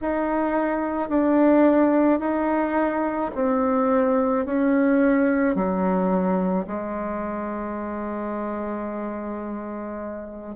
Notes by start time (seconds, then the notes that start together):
0.01 D#4
1.09 D4
2.19 D#4
3.34 C4
4.45 C#4
5.55 F#3
6.66 G#3